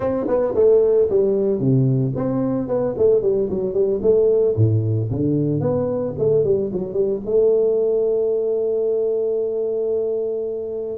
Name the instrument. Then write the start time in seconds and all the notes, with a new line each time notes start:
tuba
0.00 C4
0.27 B3
0.54 A3
1.09 G3
1.59 C3
2.15 C4
2.67 B3
2.97 A3
3.22 G3
3.49 F#3
3.73 G3
4.02 A3
4.56 A2
5.10 D3
5.60 B3
6.18 A3
6.44 G3
6.72 F#3
6.93 G3
7.25 A3